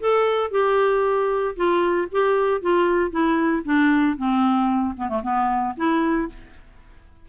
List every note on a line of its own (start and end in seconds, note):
0.00 0.51 A4
0.51 1.55 G4
1.56 2.08 F4
2.12 2.61 G4
2.61 3.11 F4
3.11 3.63 E4
3.65 4.17 D4
4.17 4.95 C4
4.97 5.09 B3
5.09 5.22 A3
5.23 5.75 B3
5.77 6.29 E4